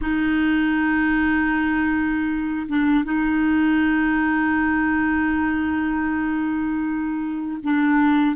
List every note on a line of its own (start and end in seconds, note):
0.01 2.67 D#4
2.68 3.04 D4
3.04 7.59 D#4
7.63 8.35 D4